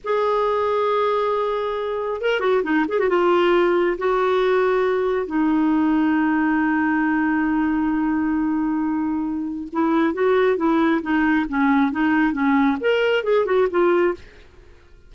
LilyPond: \new Staff \with { instrumentName = "clarinet" } { \time 4/4 \tempo 4 = 136 gis'1~ | gis'4 ais'8 fis'8 dis'8 gis'16 fis'16 f'4~ | f'4 fis'2. | dis'1~ |
dis'1~ | dis'2 e'4 fis'4 | e'4 dis'4 cis'4 dis'4 | cis'4 ais'4 gis'8 fis'8 f'4 | }